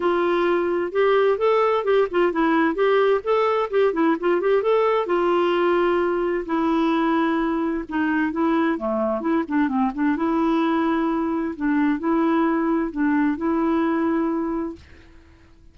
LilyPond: \new Staff \with { instrumentName = "clarinet" } { \time 4/4 \tempo 4 = 130 f'2 g'4 a'4 | g'8 f'8 e'4 g'4 a'4 | g'8 e'8 f'8 g'8 a'4 f'4~ | f'2 e'2~ |
e'4 dis'4 e'4 a4 | e'8 d'8 c'8 d'8 e'2~ | e'4 d'4 e'2 | d'4 e'2. | }